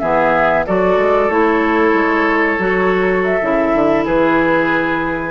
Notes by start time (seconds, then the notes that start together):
0.00 E3 B3 G#4 E5
0.67 F#3 F#4 A4 D5
0.98 G#3
1.29 A3 E4 C#5
1.93 G#3
2.59 F#3 F#4
3.25 E5
3.42 C#3 E4
3.74 D3
4.05 E3 G#4 B4